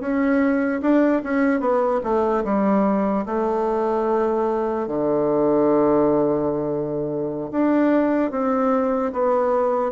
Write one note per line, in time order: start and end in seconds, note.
0.00 0.81 C#4
0.81 1.22 D4
1.23 1.60 C#4
1.60 2.01 B3
2.03 2.44 A3
2.44 3.25 G3
3.26 4.87 A3
4.87 7.51 D3
7.51 8.31 D4
8.31 9.12 C4
9.13 9.92 B3